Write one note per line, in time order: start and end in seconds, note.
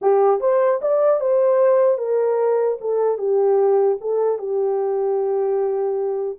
0.01 0.40 G4
0.40 0.80 C5
0.81 1.20 D5
1.20 1.98 C5
1.98 2.78 A#4
2.80 3.18 A4
3.18 3.98 G4
4.01 4.38 A4
4.38 6.38 G4